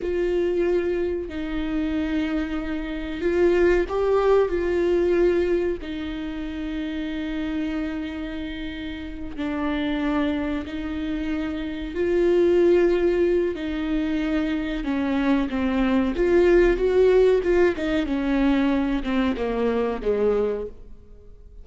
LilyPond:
\new Staff \with { instrumentName = "viola" } { \time 4/4 \tempo 4 = 93 f'2 dis'2~ | dis'4 f'4 g'4 f'4~ | f'4 dis'2.~ | dis'2~ dis'8 d'4.~ |
d'8 dis'2 f'4.~ | f'4 dis'2 cis'4 | c'4 f'4 fis'4 f'8 dis'8 | cis'4. c'8 ais4 gis4 | }